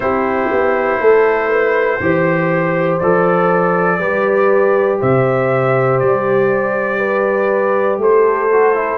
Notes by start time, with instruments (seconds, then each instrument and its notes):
0.00 tuba C4, trombone E4, horn G4, trumpet C5
0.51 tuba B3
0.99 tuba A3, horn A4
1.49 horn B4
2.00 tuba E3, trombone G4, horn C5
2.99 tuba F3, trombone A4, trumpet D5
3.99 tuba G3, trombone G4, horn B4
4.99 tuba C3, horn C5, trumpet E5
5.99 tuba G3, trumpet D5
6.99 horn B4
7.97 tuba A3, horn A4, trumpet C5
8.52 trombone F#4
8.74 trombone E4